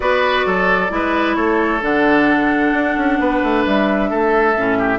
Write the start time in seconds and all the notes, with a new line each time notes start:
0.00 B3 F#4 B4 D5
0.45 F#3 A4
0.89 G#3 E4 B4
1.35 A3 A4 C#5
1.80 D3 D4 F#5
2.73 D4
2.96 C#4
3.19 B3 B4
3.42 A3
3.66 G3 E5
4.10 A3 A4
4.56 A2 C#4
4.78 G4